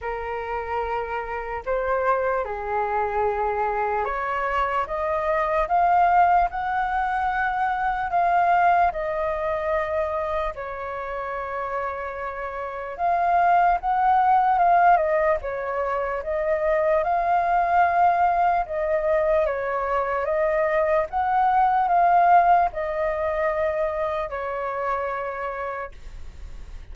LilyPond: \new Staff \with { instrumentName = "flute" } { \time 4/4 \tempo 4 = 74 ais'2 c''4 gis'4~ | gis'4 cis''4 dis''4 f''4 | fis''2 f''4 dis''4~ | dis''4 cis''2. |
f''4 fis''4 f''8 dis''8 cis''4 | dis''4 f''2 dis''4 | cis''4 dis''4 fis''4 f''4 | dis''2 cis''2 | }